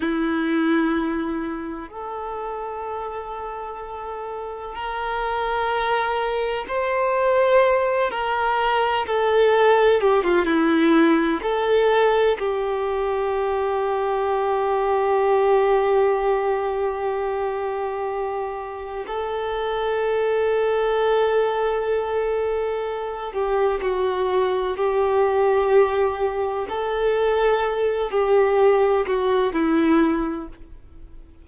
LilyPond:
\new Staff \with { instrumentName = "violin" } { \time 4/4 \tempo 4 = 63 e'2 a'2~ | a'4 ais'2 c''4~ | c''8 ais'4 a'4 g'16 f'16 e'4 | a'4 g'2.~ |
g'1 | a'1~ | a'8 g'8 fis'4 g'2 | a'4. g'4 fis'8 e'4 | }